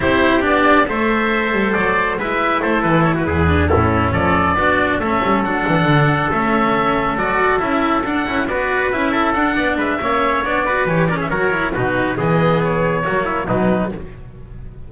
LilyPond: <<
  \new Staff \with { instrumentName = "oboe" } { \time 4/4 \tempo 4 = 138 c''4 d''4 e''2 | d''4 e''4 c''8 b'8 cis''16 b'8.~ | b'8 a'4 d''2 e''8~ | e''8 fis''2 e''4.~ |
e''8 d''4 e''4 fis''4 d''8~ | d''8 e''4 fis''4 e''4. | d''4 cis''8 d''16 e''16 cis''4 b'4 | dis''4 cis''2 b'4 | }
  \new Staff \with { instrumentName = "trumpet" } { \time 4/4 g'2 c''2~ | c''4 b'4 a'4~ a'16 fis'16 gis'8~ | gis'8 e'4 a'4 fis'4 a'8~ | a'1~ |
a'2.~ a'8 b'8~ | b'4 a'4 d''8 b'8 cis''4~ | cis''8 b'4 ais'16 gis'16 ais'4 fis'4 | gis'2 fis'8 e'8 dis'4 | }
  \new Staff \with { instrumentName = "cello" } { \time 4/4 e'4 d'4 a'2~ | a'4 e'2. | d'8 cis'2 d'4 cis'8~ | cis'8 d'2 cis'4.~ |
cis'8 fis'4 e'4 d'8 e'8 fis'8~ | fis'8 e'4 d'4. cis'4 | d'8 fis'8 g'8 cis'8 fis'8 e'8 dis'4 | b2 ais4 fis4 | }
  \new Staff \with { instrumentName = "double bass" } { \time 4/4 c'4 b4 a4. g8 | fis4 gis4 a8 e4 e,8~ | e,8 a,4 f4 b4 a8 | g8 fis8 e8 d4 a4.~ |
a8 fis4 cis'4 d'8 cis'8 b8~ | b8 cis'4 d'8 b8 gis8 ais4 | b4 e4 fis4 b,4 | e2 fis4 b,4 | }
>>